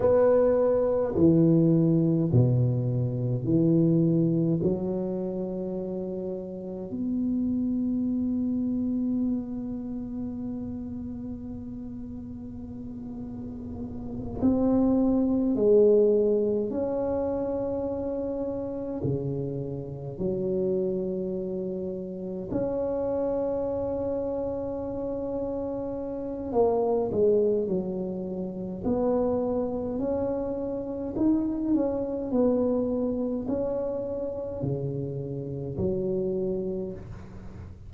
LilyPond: \new Staff \with { instrumentName = "tuba" } { \time 4/4 \tempo 4 = 52 b4 e4 b,4 e4 | fis2 b2~ | b1~ | b8 c'4 gis4 cis'4.~ |
cis'8 cis4 fis2 cis'8~ | cis'2. ais8 gis8 | fis4 b4 cis'4 dis'8 cis'8 | b4 cis'4 cis4 fis4 | }